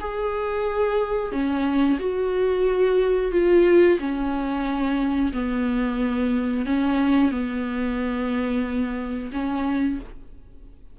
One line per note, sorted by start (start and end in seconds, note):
0.00 1.32 G#4
1.32 1.98 C#4
1.99 3.32 F#4
3.32 3.98 F4
3.99 5.32 C#4
5.33 6.65 B3
6.65 7.31 C#4
7.31 9.31 B3
9.32 9.99 C#4